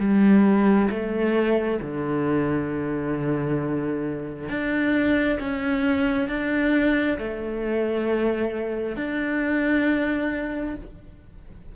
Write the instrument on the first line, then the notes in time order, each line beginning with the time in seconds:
cello
0.00 G3
0.90 A3
1.81 D3
4.49 D4
5.40 C#4
6.28 D4
7.18 A3
8.96 D4